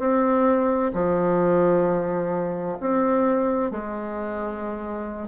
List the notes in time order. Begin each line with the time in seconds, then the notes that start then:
0.00 C4
0.94 F3
2.81 C4
3.71 G#3